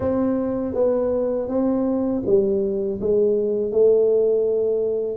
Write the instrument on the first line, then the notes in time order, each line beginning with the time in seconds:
tuba
0.00 C4
0.74 B3
1.48 C4
2.26 G3
3.00 G#3
3.71 A3